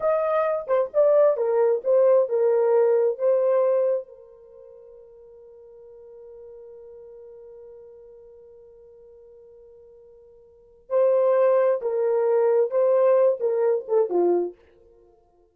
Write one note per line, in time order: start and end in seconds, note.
0.00 0.66 D#5
0.67 0.89 C5
0.93 1.36 D5
1.36 1.82 A#4
1.84 2.28 C5
2.28 3.18 A#4
3.18 4.07 C5
4.07 10.89 A#4
10.89 11.80 C5
11.81 12.70 A#4
12.70 13.39 C5
13.40 13.85 A#4
13.88 14.09 A4
14.09 14.55 F4